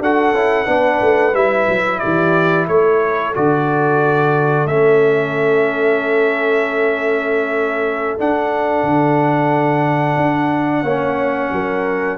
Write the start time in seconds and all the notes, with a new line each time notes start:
0.00 D4 F#4 A4 F#5
0.33 C#4 E4
0.65 B3 D4 B4
1.02 A3
1.34 G3 E4 E5
1.69 F#3
1.99 E3 G4 D5
2.68 A3 A4 C#5
3.35 D3 F#4 D5
4.65 A3 C#4 E5
8.19 D4 F#5
8.83 D3
10.17 D4
10.82 A#3 C#4 C#5
11.52 F#3 A#4